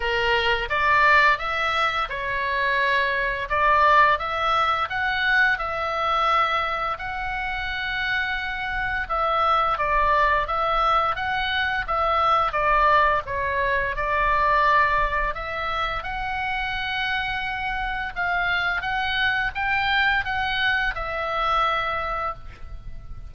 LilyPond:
\new Staff \with { instrumentName = "oboe" } { \time 4/4 \tempo 4 = 86 ais'4 d''4 e''4 cis''4~ | cis''4 d''4 e''4 fis''4 | e''2 fis''2~ | fis''4 e''4 d''4 e''4 |
fis''4 e''4 d''4 cis''4 | d''2 e''4 fis''4~ | fis''2 f''4 fis''4 | g''4 fis''4 e''2 | }